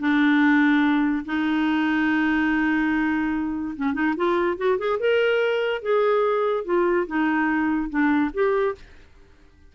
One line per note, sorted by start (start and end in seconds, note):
0.00 1.25 D4
1.26 3.76 D#4
3.77 3.94 C#4
3.94 4.15 D#4
4.17 4.57 F4
4.57 4.78 F#4
4.79 5.00 G#4
5.00 5.82 A#4
5.82 6.65 G#4
6.65 7.07 F4
7.07 7.90 D#4
7.90 8.32 D4
8.34 8.76 G4